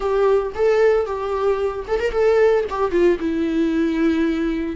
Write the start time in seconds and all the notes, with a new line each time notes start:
0.00 G4
0.54 A4
1.05 G4
1.87 A4
1.99 A#4
2.11 A4
2.69 G4
2.91 F4
3.19 E4